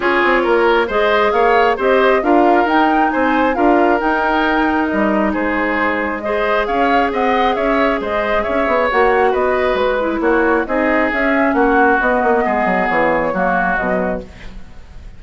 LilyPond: <<
  \new Staff \with { instrumentName = "flute" } { \time 4/4 \tempo 4 = 135 cis''2 dis''4 f''4 | dis''4 f''4 g''4 gis''4 | f''4 g''2 dis''4 | c''2 dis''4 f''4 |
fis''4 e''4 dis''4 e''4 | fis''4 dis''4 b'4 cis''4 | dis''4 e''4 fis''4 dis''4~ | dis''4 cis''2 dis''4 | }
  \new Staff \with { instrumentName = "oboe" } { \time 4/4 gis'4 ais'4 c''4 cis''4 | c''4 ais'2 c''4 | ais'1 | gis'2 c''4 cis''4 |
dis''4 cis''4 c''4 cis''4~ | cis''4 b'2 fis'4 | gis'2 fis'2 | gis'2 fis'2 | }
  \new Staff \with { instrumentName = "clarinet" } { \time 4/4 f'2 gis'2 | g'4 f'4 dis'2 | f'4 dis'2.~ | dis'2 gis'2~ |
gis'1 | fis'2~ fis'8 e'4. | dis'4 cis'2 b4~ | b2 ais4 fis4 | }
  \new Staff \with { instrumentName = "bassoon" } { \time 4/4 cis'8 c'8 ais4 gis4 ais4 | c'4 d'4 dis'4 c'4 | d'4 dis'2 g4 | gis2. cis'4 |
c'4 cis'4 gis4 cis'8 b8 | ais4 b4 gis4 ais4 | c'4 cis'4 ais4 b8 ais8 | gis8 fis8 e4 fis4 b,4 | }
>>